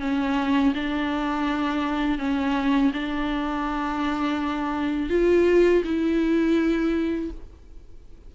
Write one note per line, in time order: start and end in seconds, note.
0.00 0.73 C#4
0.75 2.19 D4
2.19 2.92 C#4
2.93 5.10 D4
5.10 5.83 F4
5.85 7.31 E4